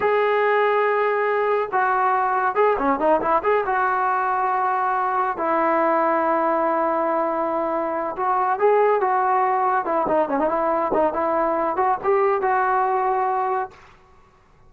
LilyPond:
\new Staff \with { instrumentName = "trombone" } { \time 4/4 \tempo 4 = 140 gis'1 | fis'2 gis'8 cis'8 dis'8 e'8 | gis'8 fis'2.~ fis'8~ | fis'8 e'2.~ e'8~ |
e'2. fis'4 | gis'4 fis'2 e'8 dis'8 | cis'16 dis'16 e'4 dis'8 e'4. fis'8 | g'4 fis'2. | }